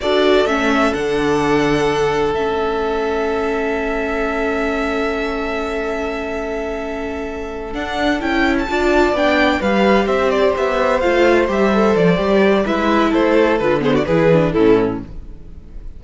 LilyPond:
<<
  \new Staff \with { instrumentName = "violin" } { \time 4/4 \tempo 4 = 128 d''4 e''4 fis''2~ | fis''4 e''2.~ | e''1~ | e''1~ |
e''8 fis''4 g''8. a''4~ a''16 g''8~ | g''8 f''4 e''8 d''8 e''4 f''8~ | f''8 e''4 d''4. e''4 | c''4 b'8 c''16 d''16 b'4 a'4 | }
  \new Staff \with { instrumentName = "violin" } { \time 4/4 a'1~ | a'1~ | a'1~ | a'1~ |
a'2~ a'8 d''4.~ | d''8 b'4 c''2~ c''8~ | c''2. b'4 | a'4. gis'16 fis'16 gis'4 e'4 | }
  \new Staff \with { instrumentName = "viola" } { \time 4/4 fis'4 cis'4 d'2~ | d'4 cis'2.~ | cis'1~ | cis'1~ |
cis'8 d'4 e'4 f'4 d'8~ | d'8 g'2. f'8~ | f'8 g'8 a'4 g'4 e'4~ | e'4 f'8 b8 e'8 d'8 cis'4 | }
  \new Staff \with { instrumentName = "cello" } { \time 4/4 d'4 a4 d2~ | d4 a2.~ | a1~ | a1~ |
a8 d'4 cis'4 d'4 b8~ | b8 g4 c'4 b4 a8~ | a8 g4 f8 g4 gis4 | a4 d4 e4 a,4 | }
>>